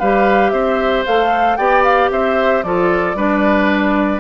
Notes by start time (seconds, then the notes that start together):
0.00 G3 G4 B4 F5
0.51 C4 C5 E5
1.06 A3 A4 F5
1.57 B3 G4 D5 G5
1.84 F5
2.11 C4 C5 E5
2.64 F3 F4 A4 D5
3.15 G3 D4 B4